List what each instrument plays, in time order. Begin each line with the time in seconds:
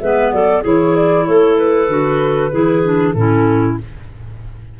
0.00 tuba G#3, clarinet B3 B4, flute E5
0.32 tuba F#3, clarinet A4, flute D5
0.62 tuba E3, clarinet E4 G#4, flute C#5
0.96 flute D5
1.26 tuba A3, clarinet A4, flute C#5
1.58 flute B4
1.89 tuba D3, clarinet F#4
2.51 tuba E3, clarinet E4 G#4
2.83 clarinet D4
3.12 tuba A2, clarinet C#4 E4, flute A4